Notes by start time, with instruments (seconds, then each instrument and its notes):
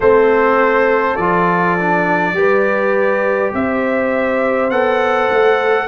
0.00 tuba A3, trombone C4, horn A4, trumpet C5
1.16 tuba F3, trombone F4, trumpet D5
1.78 trombone D4
2.32 tuba G3, trombone G4, horn B4
3.53 tuba C4, horn C5, trumpet E5
4.70 tuba B3, trombone A4, trumpet F#5
5.29 tuba A3